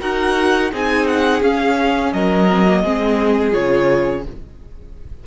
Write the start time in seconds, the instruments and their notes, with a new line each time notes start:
0.00 cello D#4, viola F#4, violin A#4 F#5
0.71 cello C4, viola D#4, violin G#4 G#5
1.07 violin F#5
1.41 viola C#4, cello C#4, violin F5
2.13 cello F#3, violin A#4 D#5
2.50 viola C4
2.66 viola A#3
2.82 cello G#3, viola C4, violin G#4
3.51 cello C#3, viola F4, violin C#5